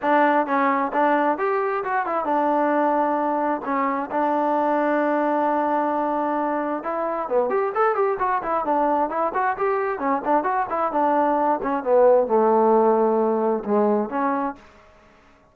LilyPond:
\new Staff \with { instrumentName = "trombone" } { \time 4/4 \tempo 4 = 132 d'4 cis'4 d'4 g'4 | fis'8 e'8 d'2. | cis'4 d'2.~ | d'2. e'4 |
b8 g'8 a'8 g'8 fis'8 e'8 d'4 | e'8 fis'8 g'4 cis'8 d'8 fis'8 e'8 | d'4. cis'8 b4 a4~ | a2 gis4 cis'4 | }